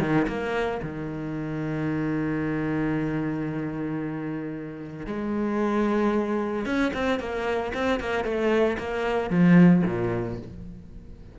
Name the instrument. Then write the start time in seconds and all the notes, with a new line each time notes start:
cello
0.00 D#3
0.28 A#3
0.83 D#3
5.07 G#3
6.66 C#4
6.94 C4
7.20 A#3
7.74 C4
8.00 A#3
8.24 A3
8.78 A#3
9.30 F3
9.86 A#2